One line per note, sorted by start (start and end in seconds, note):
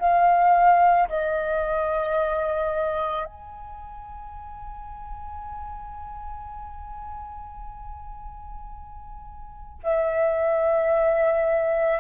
0.00 1.09 F5
1.09 3.26 D#5
3.26 9.80 G#5
9.83 12.00 E5